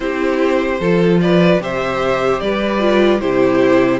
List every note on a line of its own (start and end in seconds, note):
0.00 0.79 C4
0.00 0.79 E4
0.00 0.80 G4
0.00 1.18 C5
0.80 1.60 F3
0.80 1.60 F4
0.80 1.20 A4
1.21 1.62 B4
1.21 1.61 D5
1.60 2.40 C3
1.60 2.79 G4
1.60 2.42 C5
1.60 2.40 E5
2.40 3.21 G3
2.40 3.21 B4
2.40 3.20 D5
2.79 3.19 F4
3.20 4.00 C3
3.20 4.00 E4
3.20 4.00 G4
3.20 4.00 C5